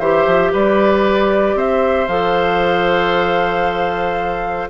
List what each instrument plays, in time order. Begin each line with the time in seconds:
0.00 bassoon E3, clarinet G4, oboe C5, flute E5
0.26 bassoon F3
0.53 bassoon G3, oboe B4, flute D5
1.55 bassoon C4, oboe C5, flute E5
2.08 bassoon F3, clarinet A4, flute F5